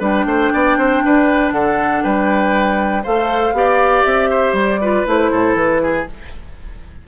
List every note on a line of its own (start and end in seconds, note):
0.00 0.26 G3
0.00 3.03 D4
0.00 0.25 B4
0.00 1.53 G5
0.26 0.51 A3
0.26 0.53 C5
0.54 0.77 B3
0.54 0.78 D5
0.77 1.03 C4
0.77 1.03 C5
1.05 1.52 D4
1.05 1.54 B4
1.52 2.02 D3
1.52 2.04 A4
1.52 2.03 F#5
2.03 3.06 G3
2.03 3.03 B4
2.03 3.04 G5
3.03 3.53 A3
3.03 3.55 A4
3.03 3.54 C5
3.03 4.05 F5
3.53 4.03 B3
3.53 4.81 G4
3.53 4.30 D5
4.05 4.53 C4
4.05 4.55 E5
4.30 4.81 C5
4.53 5.03 G3
4.53 5.07 D5
4.82 5.06 F4
4.82 5.32 B4
5.06 5.32 A3
5.06 6.07 E4
5.06 5.56 C5
5.32 5.55 A2
5.32 5.82 A4
5.55 6.06 E3
5.55 6.07 B4
5.83 6.08 G#4